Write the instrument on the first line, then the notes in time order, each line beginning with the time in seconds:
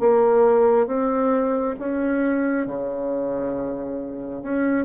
bassoon
0.00 A#3
0.87 C4
1.79 C#4
2.67 C#3
4.43 C#4